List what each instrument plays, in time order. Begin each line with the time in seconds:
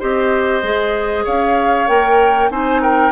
0.00 bassoon C4, clarinet G4, oboe C5, flute D#5
0.63 bassoon G#3, clarinet G#4
1.25 bassoon C#4, oboe C#5, flute F5
1.88 bassoon A#3, clarinet A#4, flute G5
2.50 bassoon C4, clarinet D#4, oboe C5, flute G#5
2.82 oboe A#4, flute G5